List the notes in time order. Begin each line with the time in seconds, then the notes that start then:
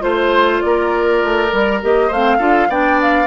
0.00 A3 F4 C5
0.61 A#3 A#4 D5
1.23 A3
1.51 G3 A#4
1.82 A#3 G4 D#5
2.08 A3 C5 F5
2.14 C4
2.38 D4 F4 A4
2.69 B3 D4 D5 G5
3.02 F5